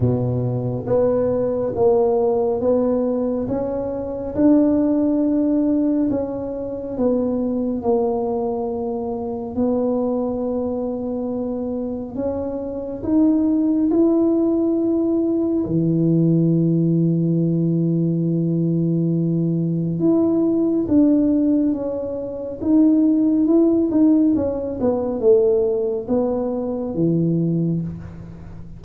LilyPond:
\new Staff \with { instrumentName = "tuba" } { \time 4/4 \tempo 4 = 69 b,4 b4 ais4 b4 | cis'4 d'2 cis'4 | b4 ais2 b4~ | b2 cis'4 dis'4 |
e'2 e2~ | e2. e'4 | d'4 cis'4 dis'4 e'8 dis'8 | cis'8 b8 a4 b4 e4 | }